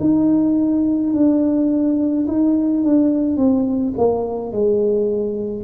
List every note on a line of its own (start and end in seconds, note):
0.00 1.13 D#4
1.14 2.27 D4
2.27 2.84 D#4
2.84 3.37 D4
3.37 3.94 C4
3.97 4.52 A#3
4.52 5.64 G#3